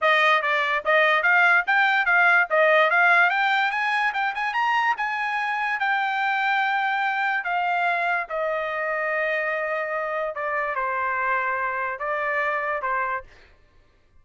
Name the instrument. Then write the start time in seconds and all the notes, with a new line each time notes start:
trumpet
0.01 D#5
0.42 D5
0.85 D#5
1.23 F5
1.66 G5
2.05 F5
2.50 D#5
2.90 F5
3.30 G5
3.71 G#5
4.13 G5
4.34 G#5
4.53 A#5
4.97 G#5
5.79 G5
7.44 F5
8.29 D#5
10.35 D5
10.75 C5
11.99 D5
12.82 C5